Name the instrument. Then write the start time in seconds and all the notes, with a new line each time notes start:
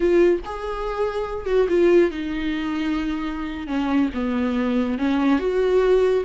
viola
0.00 F4
0.45 G#4
1.46 F#4
1.68 F4
2.10 D#4
3.67 C#4
4.14 B3
4.98 C#4
5.39 F#4